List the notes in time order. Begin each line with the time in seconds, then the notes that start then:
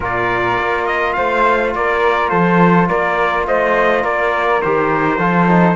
0.00 A#2 F4 A#4 D5
0.59 A#3
0.86 D#5
1.13 A3 C5 F5
1.74 A#3 A#4 D5
2.29 F3 A4 C5
2.88 A#3 A#4 D5
3.47 A3 C5 D#5
4.03 A#3 A#4 D5
4.61 D#3 G4 C5
5.18 F3 F4 A4
5.48 D#4